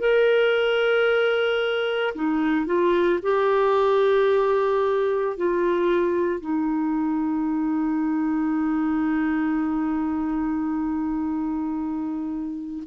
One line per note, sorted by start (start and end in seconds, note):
0.00 2.14 A#4
2.15 2.66 D#4
2.66 3.20 F4
3.23 5.37 G4
5.37 6.41 F4
6.41 12.84 D#4